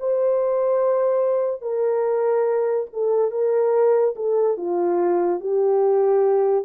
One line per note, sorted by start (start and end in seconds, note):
0.00 1.62 C5
1.62 2.87 A#4
2.93 3.31 A4
3.31 4.15 A#4
4.16 4.57 A4
4.57 5.40 F4
5.40 6.65 G4